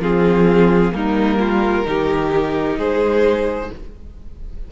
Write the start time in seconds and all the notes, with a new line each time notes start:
0.00 F3 C4 F4 G#4
0.92 G3 A#3 D#4 A#4
1.40 F4
1.85 D#3 D#4 G4
2.78 G#3 G#4 C5